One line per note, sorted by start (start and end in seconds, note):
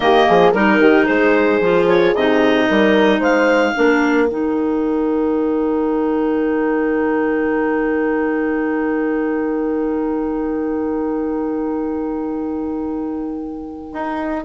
0.00 0.25 D#3
0.00 0.53 A#3
0.00 0.27 G4
0.00 0.53 D#5
0.27 0.53 F3
0.27 0.52 G#4
0.52 0.80 G3
0.52 1.62 D#4
0.52 0.78 A#4
0.52 1.06 A#4
0.80 1.06 D#3
0.80 1.06 G4
1.06 1.60 G#3
1.06 2.66 G#4
1.06 1.86 C5
1.60 2.13 F3
1.60 2.15 F4
1.89 2.15 C#5
2.15 2.68 C3
2.15 3.74 D#4
2.15 3.22 D#5
2.68 3.19 G3
2.68 3.19 A#4
3.19 3.73 G#3
3.19 3.73 C5
3.19 4.25 F5
3.74 4.30 A#3
3.74 4.28 D4
3.74 14.44 A#4
4.25 13.92 D#3
4.25 14.44 D#4
4.25 14.43 G5
13.92 14.44 D#4